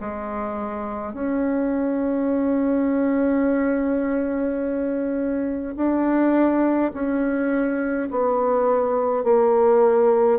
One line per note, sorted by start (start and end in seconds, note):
0.00 1.13 G#3
1.13 5.75 C#4
5.76 6.92 D4
6.93 8.09 C#4
8.10 9.24 B3
9.24 10.39 A#3